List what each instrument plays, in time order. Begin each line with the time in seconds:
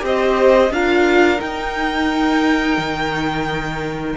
0.00 cello C4, viola G4, violin C5 D#5
0.70 cello D4, viola F4, violin A#4 F5
1.38 viola D#4, cello D#4, violin G5
2.78 cello D#3